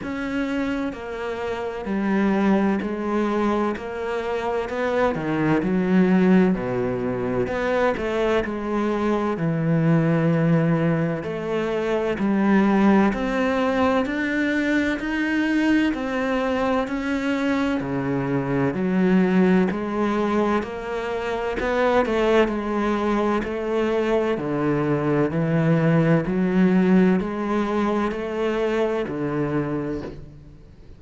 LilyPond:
\new Staff \with { instrumentName = "cello" } { \time 4/4 \tempo 4 = 64 cis'4 ais4 g4 gis4 | ais4 b8 dis8 fis4 b,4 | b8 a8 gis4 e2 | a4 g4 c'4 d'4 |
dis'4 c'4 cis'4 cis4 | fis4 gis4 ais4 b8 a8 | gis4 a4 d4 e4 | fis4 gis4 a4 d4 | }